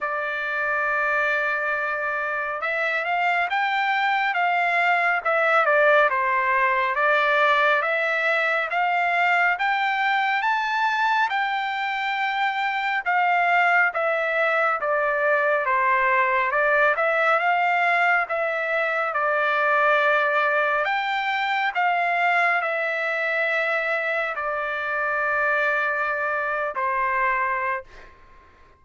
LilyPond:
\new Staff \with { instrumentName = "trumpet" } { \time 4/4 \tempo 4 = 69 d''2. e''8 f''8 | g''4 f''4 e''8 d''8 c''4 | d''4 e''4 f''4 g''4 | a''4 g''2 f''4 |
e''4 d''4 c''4 d''8 e''8 | f''4 e''4 d''2 | g''4 f''4 e''2 | d''2~ d''8. c''4~ c''16 | }